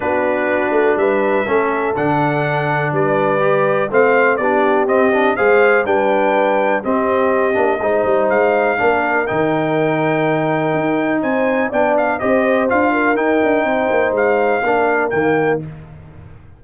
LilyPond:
<<
  \new Staff \with { instrumentName = "trumpet" } { \time 4/4 \tempo 4 = 123 b'2 e''2 | fis''2 d''2 | f''4 d''4 dis''4 f''4 | g''2 dis''2~ |
dis''4 f''2 g''4~ | g''2. gis''4 | g''8 f''8 dis''4 f''4 g''4~ | g''4 f''2 g''4 | }
  \new Staff \with { instrumentName = "horn" } { \time 4/4 fis'2 b'4 a'4~ | a'2 b'2 | c''4 g'2 c''4 | b'2 g'2 |
c''2 ais'2~ | ais'2. c''4 | d''4 c''4. ais'4. | c''2 ais'2 | }
  \new Staff \with { instrumentName = "trombone" } { \time 4/4 d'2. cis'4 | d'2. g'4 | c'4 d'4 c'8 d'8 gis'4 | d'2 c'4. d'8 |
dis'2 d'4 dis'4~ | dis'1 | d'4 g'4 f'4 dis'4~ | dis'2 d'4 ais4 | }
  \new Staff \with { instrumentName = "tuba" } { \time 4/4 b4. a8 g4 a4 | d2 g2 | a4 b4 c'4 gis4 | g2 c'4. ais8 |
gis8 g8 gis4 ais4 dis4~ | dis2 dis'4 c'4 | b4 c'4 d'4 dis'8 d'8 | c'8 ais8 gis4 ais4 dis4 | }
>>